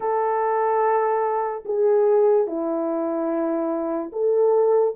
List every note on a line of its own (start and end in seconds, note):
0.00 1.64 A4
1.65 2.47 G#4
2.47 4.11 E4
4.12 4.94 A4